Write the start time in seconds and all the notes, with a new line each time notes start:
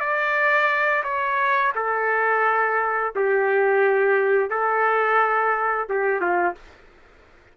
0.00 D5
1.03 C#5
1.75 A4
3.16 G4
4.50 A4
5.89 G4
6.21 F4